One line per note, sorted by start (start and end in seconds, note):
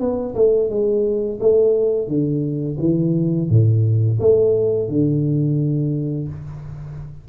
0.00 0.35 B3
0.35 0.70 A3
0.70 1.40 G#3
1.40 2.08 A3
2.08 2.78 D3
2.80 3.49 E3
3.49 4.19 A2
4.20 4.89 A3
4.89 6.29 D3